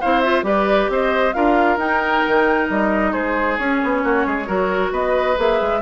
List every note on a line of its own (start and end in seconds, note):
0.00 0.42 C4
0.00 0.24 E4
0.00 0.45 C5
0.00 0.21 F5
0.21 0.43 F4
0.21 0.43 E5
0.42 0.87 G3
0.42 1.32 G4
0.42 0.90 B4
0.42 0.91 D5
0.89 1.34 C4
0.89 1.35 C5
0.89 1.33 D#5
1.33 1.77 D4
1.33 1.78 F4
1.33 3.12 A#4
1.33 1.78 F5
1.77 2.22 D#4
1.77 3.59 D#4
1.77 2.69 G5
2.27 2.69 D#3
2.69 3.13 G3
2.69 3.12 D#5
3.12 3.58 G#3
3.12 4.01 G#4
3.12 3.57 C5
3.57 3.81 C#4
3.57 4.45 C#4
3.57 4.92 C#5
3.83 4.03 B3
4.03 4.26 A#3
4.03 4.26 F#4
4.26 4.48 G#3
4.26 4.47 G#4
4.45 4.91 F#3
4.45 5.35 F#4
4.45 4.92 A#4
4.91 5.36 B3
4.91 5.81 B4
4.91 5.38 D#5
5.36 5.60 A#3
5.36 5.80 G#4
5.36 5.81 E5
5.61 5.81 G#3